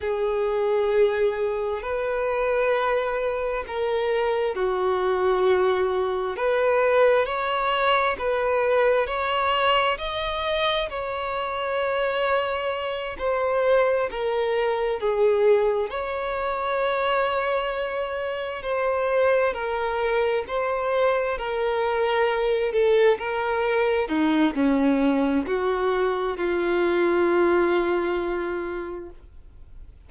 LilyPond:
\new Staff \with { instrumentName = "violin" } { \time 4/4 \tempo 4 = 66 gis'2 b'2 | ais'4 fis'2 b'4 | cis''4 b'4 cis''4 dis''4 | cis''2~ cis''8 c''4 ais'8~ |
ais'8 gis'4 cis''2~ cis''8~ | cis''8 c''4 ais'4 c''4 ais'8~ | ais'4 a'8 ais'4 dis'8 cis'4 | fis'4 f'2. | }